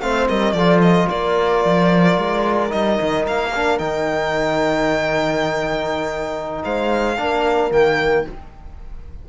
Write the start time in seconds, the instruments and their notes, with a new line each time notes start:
0.00 cello A3, trombone C4, horn C5, violin F5
0.28 cello G3, horn A#4, violin D#5
0.52 cello F3, trombone F4, horn A4, violin D5
0.81 violin D#5
1.09 cello A#3, horn A#4, violin D5
1.64 cello F3
2.17 cello G#3
2.68 cello G3, trombone D#4, violin D#5
3.01 cello D#3
3.27 cello A#3, violin F5
3.55 trombone D4
3.78 cello D#3, trombone D#4, violin G5
6.63 cello G#3, horn C5, violin F5
7.17 cello A#3, trombone D4, horn A#4
7.70 cello D#3, trombone A#3, violin G5